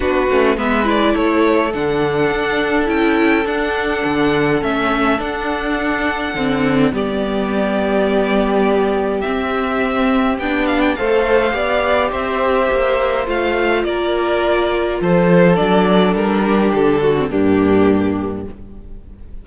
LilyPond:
<<
  \new Staff \with { instrumentName = "violin" } { \time 4/4 \tempo 4 = 104 b'4 e''8 d''8 cis''4 fis''4~ | fis''4 g''4 fis''2 | e''4 fis''2. | d''1 |
e''2 g''8 f''16 g''16 f''4~ | f''4 e''2 f''4 | d''2 c''4 d''4 | ais'4 a'4 g'2 | }
  \new Staff \with { instrumentName = "violin" } { \time 4/4 fis'4 b'4 a'2~ | a'1~ | a'1 | g'1~ |
g'2. c''4 | d''4 c''2. | ais'2 a'2~ | a'8 g'4 fis'8 d'2 | }
  \new Staff \with { instrumentName = "viola" } { \time 4/4 d'8 cis'8 b8 e'4. d'4~ | d'4 e'4 d'2 | cis'4 d'2 c'4 | b1 |
c'2 d'4 a'4 | g'2. f'4~ | f'2. d'4~ | d'4.~ d'16 c'16 ais2 | }
  \new Staff \with { instrumentName = "cello" } { \time 4/4 b8 a8 gis4 a4 d4 | d'4 cis'4 d'4 d4 | a4 d'2 d4 | g1 |
c'2 b4 a4 | b4 c'4 ais4 a4 | ais2 f4 fis4 | g4 d4 g,2 | }
>>